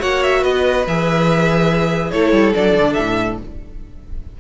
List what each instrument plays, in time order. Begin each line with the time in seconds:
0.00 cello A#3, viola F#4, violin C#5 F#5
0.24 violin E5
0.42 cello B3, violin B4 D#5
0.87 cello E3, viola G#4, violin E5
2.11 cello A3, viola E4, violin A4 C#5
2.32 cello G3
2.54 cello F#3, viola D4, violin D5
2.75 cello D3
2.94 cello A2, violin E5